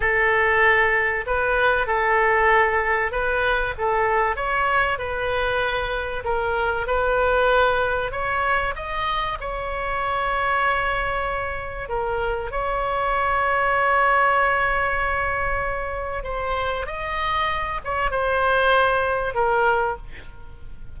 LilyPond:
\new Staff \with { instrumentName = "oboe" } { \time 4/4 \tempo 4 = 96 a'2 b'4 a'4~ | a'4 b'4 a'4 cis''4 | b'2 ais'4 b'4~ | b'4 cis''4 dis''4 cis''4~ |
cis''2. ais'4 | cis''1~ | cis''2 c''4 dis''4~ | dis''8 cis''8 c''2 ais'4 | }